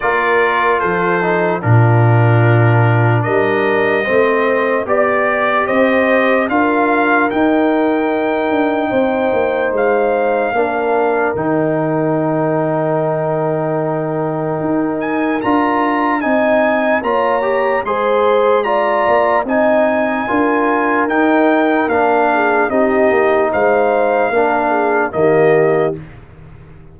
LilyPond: <<
  \new Staff \with { instrumentName = "trumpet" } { \time 4/4 \tempo 4 = 74 d''4 c''4 ais'2 | dis''2 d''4 dis''4 | f''4 g''2. | f''2 g''2~ |
g''2~ g''8 gis''8 ais''4 | gis''4 ais''4 c'''4 ais''4 | gis''2 g''4 f''4 | dis''4 f''2 dis''4 | }
  \new Staff \with { instrumentName = "horn" } { \time 4/4 ais'4 a'4 f'2 | ais'4 c''4 d''4 c''4 | ais'2. c''4~ | c''4 ais'2.~ |
ais'1 | dis''4 cis''4 c''4 d''4 | dis''4 ais'2~ ais'8 gis'8 | g'4 c''4 ais'8 gis'8 g'4 | }
  \new Staff \with { instrumentName = "trombone" } { \time 4/4 f'4. dis'8 d'2~ | d'4 c'4 g'2 | f'4 dis'2.~ | dis'4 d'4 dis'2~ |
dis'2. f'4 | dis'4 f'8 g'8 gis'4 f'4 | dis'4 f'4 dis'4 d'4 | dis'2 d'4 ais4 | }
  \new Staff \with { instrumentName = "tuba" } { \time 4/4 ais4 f4 ais,2 | g4 a4 b4 c'4 | d'4 dis'4. d'8 c'8 ais8 | gis4 ais4 dis2~ |
dis2 dis'4 d'4 | c'4 ais4 gis4. ais8 | c'4 d'4 dis'4 ais4 | c'8 ais8 gis4 ais4 dis4 | }
>>